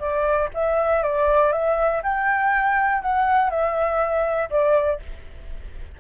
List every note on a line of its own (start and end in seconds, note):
0.00 0.50 D5
0.54 1.03 E5
1.03 1.53 D5
1.53 2.02 E5
2.03 3.02 G5
3.02 3.50 F#5
3.50 4.49 E5
4.50 5.00 D5